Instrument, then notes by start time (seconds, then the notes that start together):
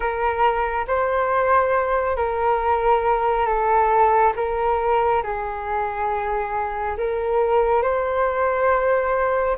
flute
0.00 A#4
0.87 C5
2.16 A#4
3.45 A4
4.36 A#4
5.23 G#4
6.97 A#4
7.82 C5